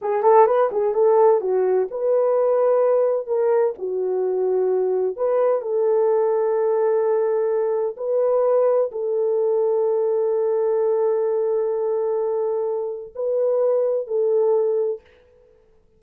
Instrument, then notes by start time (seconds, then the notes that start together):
horn
0.01 G#4
0.23 A4
0.46 B4
0.71 G#4
0.94 A4
1.41 F#4
1.90 B4
3.26 A#4
3.78 F#4
5.16 B4
5.61 A4
7.97 B4
8.91 A4
13.15 B4
14.07 A4